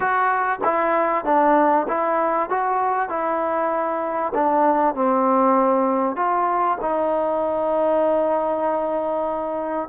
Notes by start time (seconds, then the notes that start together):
0.00 F#4
0.64 E4
1.25 D4
1.88 E4
2.49 F#4
3.09 E4
4.34 D4
4.95 C4
6.16 F4
6.80 D#4